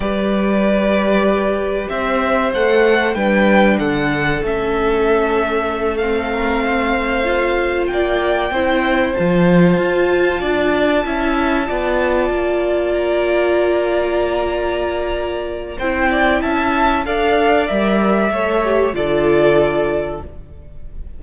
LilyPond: <<
  \new Staff \with { instrumentName = "violin" } { \time 4/4 \tempo 4 = 95 d''2. e''4 | fis''4 g''4 fis''4 e''4~ | e''4. f''2~ f''8~ | f''8 g''2 a''4.~ |
a''1~ | a''8 ais''2.~ ais''8~ | ais''4 g''4 a''4 f''4 | e''2 d''2 | }
  \new Staff \with { instrumentName = "violin" } { \time 4/4 b'2. c''4~ | c''4 b'4 a'2~ | a'2 ais'8 c''4.~ | c''8 d''4 c''2~ c''8~ |
c''8 d''4 e''4 d''4.~ | d''1~ | d''4 c''8 d''8 e''4 d''4~ | d''4 cis''4 a'2 | }
  \new Staff \with { instrumentName = "viola" } { \time 4/4 g'1 | a'4 d'2 cis'4~ | cis'4. c'2 f'8~ | f'4. e'4 f'4.~ |
f'4. e'4 f'4.~ | f'1~ | f'4 e'2 a'4 | ais'4 a'8 g'8 f'2 | }
  \new Staff \with { instrumentName = "cello" } { \time 4/4 g2. c'4 | a4 g4 d4 a4~ | a1~ | a8 ais4 c'4 f4 f'8~ |
f'8 d'4 cis'4 b4 ais8~ | ais1~ | ais4 c'4 cis'4 d'4 | g4 a4 d2 | }
>>